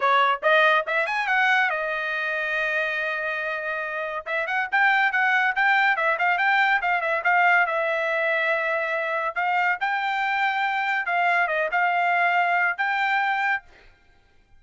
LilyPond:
\new Staff \with { instrumentName = "trumpet" } { \time 4/4 \tempo 4 = 141 cis''4 dis''4 e''8 gis''8 fis''4 | dis''1~ | dis''2 e''8 fis''8 g''4 | fis''4 g''4 e''8 f''8 g''4 |
f''8 e''8 f''4 e''2~ | e''2 f''4 g''4~ | g''2 f''4 dis''8 f''8~ | f''2 g''2 | }